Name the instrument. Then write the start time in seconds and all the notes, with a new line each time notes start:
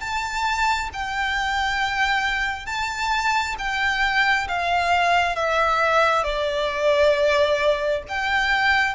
violin
0.00 A5
0.93 G5
2.66 A5
3.58 G5
4.48 F5
5.35 E5
6.24 D5
8.08 G5